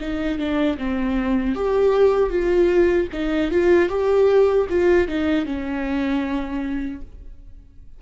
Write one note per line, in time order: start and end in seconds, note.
0.00 0.39 D#4
0.39 0.78 D4
0.78 1.55 C4
1.55 2.30 G4
2.30 3.08 F4
3.13 3.51 D#4
3.51 3.89 F4
3.89 4.67 G4
4.69 5.08 F4
5.08 5.45 D#4
5.45 7.01 C#4